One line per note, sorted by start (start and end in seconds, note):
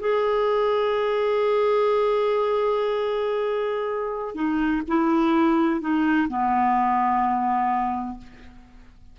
0.00 4.35 G#4
4.35 4.82 D#4
4.88 5.81 E4
5.81 6.28 D#4
6.29 8.18 B3